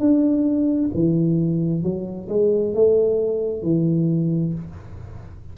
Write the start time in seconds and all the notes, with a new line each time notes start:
0.00 D4
0.95 E3
1.83 F#3
2.29 G#3
2.75 A3
3.63 E3